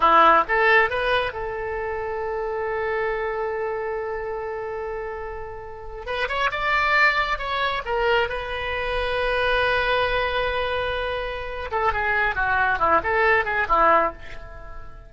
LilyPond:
\new Staff \with { instrumentName = "oboe" } { \time 4/4 \tempo 4 = 136 e'4 a'4 b'4 a'4~ | a'1~ | a'1~ | a'4.~ a'16 b'8 cis''8 d''4~ d''16~ |
d''8. cis''4 ais'4 b'4~ b'16~ | b'1~ | b'2~ b'8 a'8 gis'4 | fis'4 e'8 a'4 gis'8 e'4 | }